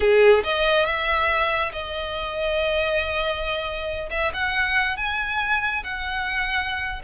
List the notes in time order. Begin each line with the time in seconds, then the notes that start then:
0.00 G#4
0.43 D#5
0.85 E5
1.72 D#5
4.10 E5
4.33 F#5
4.97 G#5
5.83 F#5